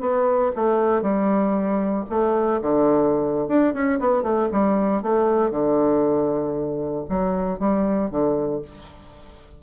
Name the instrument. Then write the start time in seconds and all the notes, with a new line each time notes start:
bassoon
0.00 B3
0.55 A3
1.02 G3
2.09 A3
2.61 D3
3.48 D4
3.73 C#4
3.99 B3
4.23 A3
4.52 G3
5.02 A3
5.51 D3
7.09 F#3
7.59 G3
8.10 D3